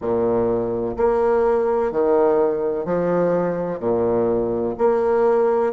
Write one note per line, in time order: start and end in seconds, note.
0.01 0.96 A#2
0.96 1.91 A#3
1.91 2.85 D#3
2.85 3.79 F3
3.79 4.74 A#2
4.77 5.72 A#3